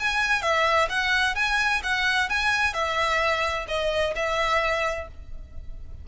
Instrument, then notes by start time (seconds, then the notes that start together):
violin
0.00 G#5
0.43 E5
0.90 F#5
1.36 G#5
1.84 F#5
2.30 G#5
2.74 E5
3.68 D#5
4.16 E5